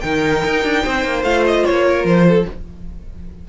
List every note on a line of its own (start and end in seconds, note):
0.00 0.44 D#3
0.00 1.25 D#4
0.00 0.83 A#4
0.00 1.22 G5
0.44 0.64 D#4
0.64 0.84 D4
0.83 1.05 C4
0.83 1.85 C5
1.05 1.23 A#3
1.23 1.64 A3
1.23 2.47 F4
1.23 1.43 F5
1.47 1.65 D#5
1.65 2.04 A#3
1.65 2.06 C#5
1.86 2.27 A#4
2.04 2.45 F3
2.04 2.47 C5
2.28 2.48 A4